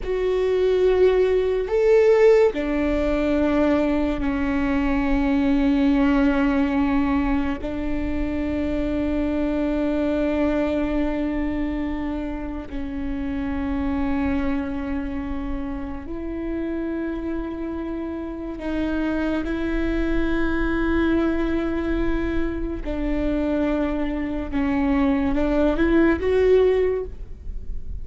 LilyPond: \new Staff \with { instrumentName = "viola" } { \time 4/4 \tempo 4 = 71 fis'2 a'4 d'4~ | d'4 cis'2.~ | cis'4 d'2.~ | d'2. cis'4~ |
cis'2. e'4~ | e'2 dis'4 e'4~ | e'2. d'4~ | d'4 cis'4 d'8 e'8 fis'4 | }